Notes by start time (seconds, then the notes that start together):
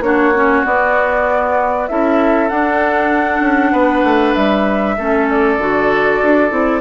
0.00 A#3 D4 F#4 C#5
0.34 C#4
0.64 B3 D5
1.88 C#4 E4 A4 E5
2.48 D4 F#5
3.40 C#4
3.72 B3 B4
4.03 A3
4.34 G3 E5
4.98 A3 C#4 A4
5.30 D5
5.58 D3 F#4
6.23 D4
6.50 C4 E4